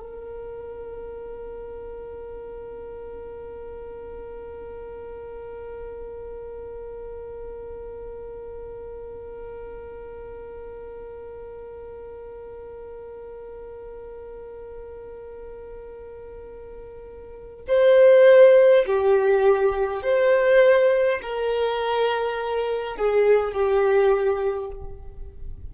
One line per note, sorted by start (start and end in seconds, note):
0.00 17.65 A#4
17.68 18.86 C5
18.87 20.03 G4
20.03 21.21 C5
21.22 22.97 A#4
22.97 23.53 G#4
23.53 24.71 G4